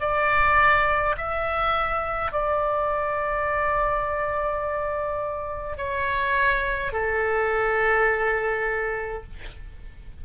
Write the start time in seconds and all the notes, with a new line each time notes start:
0.00 D5
1.17 E5
2.32 D5
5.77 C#5
6.92 A4